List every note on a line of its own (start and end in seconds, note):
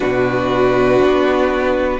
0.00 1.00 B2
0.00 2.00 D4
0.00 2.00 F#4
0.00 2.00 B4
1.00 2.00 B3